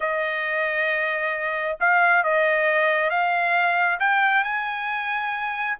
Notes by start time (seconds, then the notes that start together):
0.00 D#5
1.80 F5
2.23 D#5
3.09 F5
3.99 G5
4.44 G#5